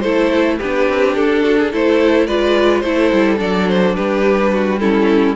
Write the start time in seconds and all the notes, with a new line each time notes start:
0.00 A3 E4 A4 C5
0.58 B3 D4 G4 B4
0.89 C4
1.15 D4 A4
1.43 F#4
1.58 G#4
1.71 A3 E4 A4 C5
2.27 G#3 F4 B4 D5
2.80 A3 E4 A4 C5
3.12 G3
3.38 F#3 D4 D5
3.68 C5
3.95 G3 G4 B4
4.52 F#4
4.79 C#4 E4 A4